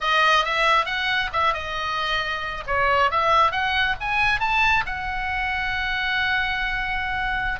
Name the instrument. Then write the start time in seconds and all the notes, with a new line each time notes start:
oboe
0.00 D#5
0.44 E5
0.85 F#5
1.32 E5
1.53 D#5
2.67 C#5
3.10 E5
3.51 F#5
4.00 G#5
4.40 A5
4.86 F#5